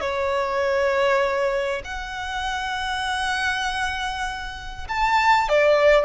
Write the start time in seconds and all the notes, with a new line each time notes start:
0.00 C#5
1.84 F#5
4.88 A5
5.49 D5